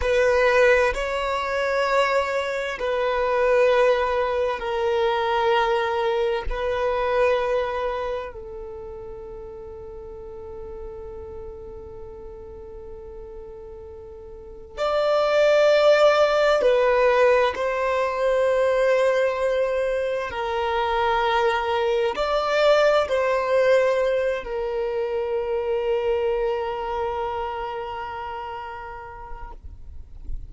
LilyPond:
\new Staff \with { instrumentName = "violin" } { \time 4/4 \tempo 4 = 65 b'4 cis''2 b'4~ | b'4 ais'2 b'4~ | b'4 a'2.~ | a'1 |
d''2 b'4 c''4~ | c''2 ais'2 | d''4 c''4. ais'4.~ | ais'1 | }